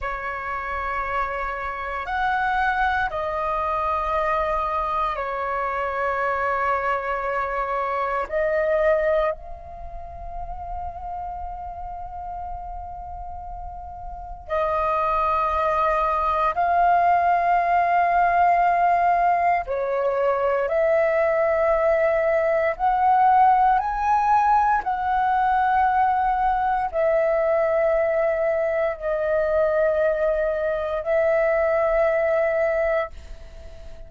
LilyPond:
\new Staff \with { instrumentName = "flute" } { \time 4/4 \tempo 4 = 58 cis''2 fis''4 dis''4~ | dis''4 cis''2. | dis''4 f''2.~ | f''2 dis''2 |
f''2. cis''4 | e''2 fis''4 gis''4 | fis''2 e''2 | dis''2 e''2 | }